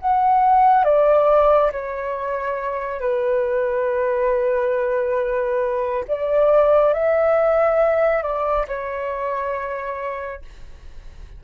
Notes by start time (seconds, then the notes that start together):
0.00 F#5
0.84 D5
1.72 C#5
3.00 B4
6.08 D5
6.93 E5
8.23 D5
8.68 C#5